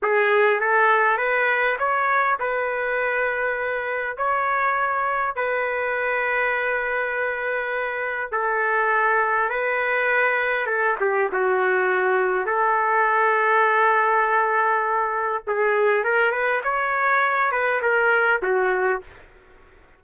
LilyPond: \new Staff \with { instrumentName = "trumpet" } { \time 4/4 \tempo 4 = 101 gis'4 a'4 b'4 cis''4 | b'2. cis''4~ | cis''4 b'2.~ | b'2 a'2 |
b'2 a'8 g'8 fis'4~ | fis'4 a'2.~ | a'2 gis'4 ais'8 b'8 | cis''4. b'8 ais'4 fis'4 | }